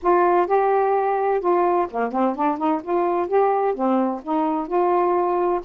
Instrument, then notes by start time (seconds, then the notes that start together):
saxophone
0.02 F4
0.47 G4
1.40 F4
1.90 A#3
2.12 C4
2.35 D4
2.57 D#4
2.82 F4
3.27 G4
3.74 C4
4.23 D#4
4.67 F4